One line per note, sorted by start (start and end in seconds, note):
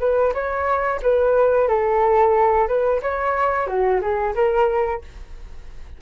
0.00 0.33 B4
0.34 1.01 C#5
1.02 1.68 B4
1.68 2.68 A4
2.68 3.01 B4
3.02 3.67 C#5
3.67 4.01 F#4
4.01 4.35 G#4
4.35 5.02 A#4